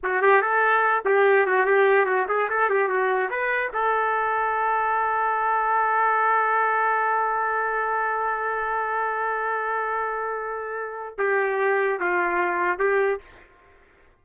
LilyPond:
\new Staff \with { instrumentName = "trumpet" } { \time 4/4 \tempo 4 = 145 fis'8 g'8 a'4. g'4 fis'8 | g'4 fis'8 gis'8 a'8 g'8 fis'4 | b'4 a'2.~ | a'1~ |
a'1~ | a'1~ | a'2. g'4~ | g'4 f'2 g'4 | }